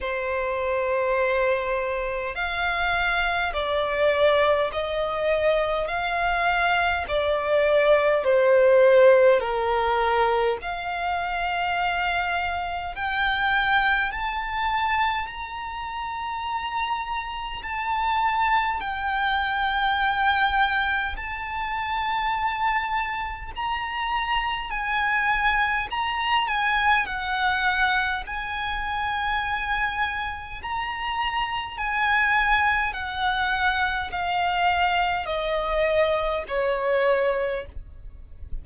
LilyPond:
\new Staff \with { instrumentName = "violin" } { \time 4/4 \tempo 4 = 51 c''2 f''4 d''4 | dis''4 f''4 d''4 c''4 | ais'4 f''2 g''4 | a''4 ais''2 a''4 |
g''2 a''2 | ais''4 gis''4 ais''8 gis''8 fis''4 | gis''2 ais''4 gis''4 | fis''4 f''4 dis''4 cis''4 | }